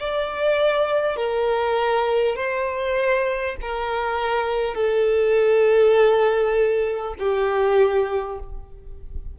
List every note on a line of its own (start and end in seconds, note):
0.00 1.16 D5
1.16 2.36 A#4
2.36 3.56 C5
3.61 4.75 A#4
4.75 7.15 A4
7.19 8.39 G4